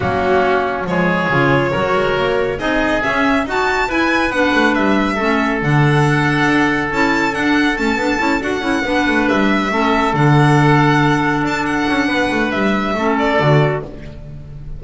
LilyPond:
<<
  \new Staff \with { instrumentName = "violin" } { \time 4/4 \tempo 4 = 139 fis'2 cis''2~ | cis''2 dis''4 e''4 | a''4 gis''4 fis''4 e''4~ | e''4 fis''2. |
a''4 fis''4 a''4. fis''8~ | fis''4. e''2 fis''8~ | fis''2~ fis''8 a''8 fis''4~ | fis''4 e''4. d''4. | }
  \new Staff \with { instrumentName = "oboe" } { \time 4/4 cis'2 gis'2 | ais'2 gis'2 | fis'4 b'2. | a'1~ |
a'1~ | a'8 b'2 a'4.~ | a'1 | b'2 a'2 | }
  \new Staff \with { instrumentName = "clarinet" } { \time 4/4 ais2 gis4 f'4 | fis'2 dis'4 cis'4 | fis'4 e'4 d'2 | cis'4 d'2. |
e'4 d'4 cis'8 d'8 e'8 fis'8 | e'8 d'2 cis'4 d'8~ | d'1~ | d'2 cis'4 fis'4 | }
  \new Staff \with { instrumentName = "double bass" } { \time 4/4 fis2 f4 cis4 | fis8 gis8 ais4 c'4 cis'4 | dis'4 e'4 b8 a8 g4 | a4 d2 d'4 |
cis'4 d'4 a8 b8 cis'8 d'8 | cis'8 b8 a8 g4 a4 d8~ | d2~ d8 d'4 cis'8 | b8 a8 g4 a4 d4 | }
>>